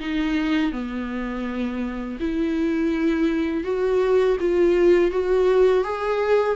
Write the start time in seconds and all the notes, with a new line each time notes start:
0.00 D#4
0.72 B3
2.20 E4
3.64 F#4
4.40 F4
5.12 F#4
5.84 G#4